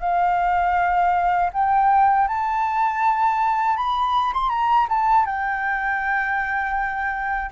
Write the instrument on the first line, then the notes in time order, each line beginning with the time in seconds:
flute
0.00 F5
1.53 G5
2.28 A5
3.76 B5
4.33 C6
4.49 A#5
4.89 A5
5.25 G5